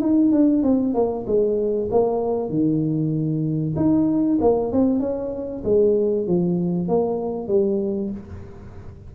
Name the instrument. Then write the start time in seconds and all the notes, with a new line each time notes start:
tuba
0.00 D#4
0.31 D4
0.63 C4
0.94 A#3
1.26 G#3
1.91 A#3
2.49 D#3
3.76 D#4
4.41 A#3
4.72 C4
5.00 C#4
5.64 G#3
6.27 F3
6.88 A#3
7.47 G3